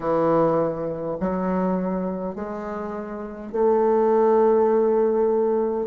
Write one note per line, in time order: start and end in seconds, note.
0.00 1.17 E3
1.20 2.35 F#3
2.35 3.51 G#3
3.51 5.87 A3